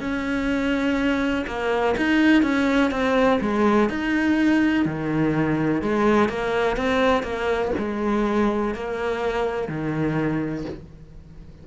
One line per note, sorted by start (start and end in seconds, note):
0.00 1.45 C#4
1.47 1.95 A#3
1.97 2.43 D#4
2.43 2.91 C#4
2.91 3.40 C4
3.41 3.90 G#3
3.90 4.86 D#4
4.86 5.82 D#3
5.82 6.29 G#3
6.29 6.77 A#3
6.77 7.23 C4
7.23 7.72 A#3
7.78 8.74 G#3
8.74 9.69 A#3
9.69 10.65 D#3